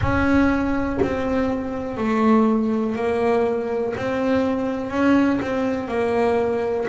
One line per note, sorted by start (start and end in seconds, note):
0.00 0.99 C#4
1.01 1.97 C4
1.97 2.95 A3
2.95 3.93 A#3
3.96 4.90 C4
4.90 5.39 C#4
5.41 5.87 C4
5.87 6.86 A#3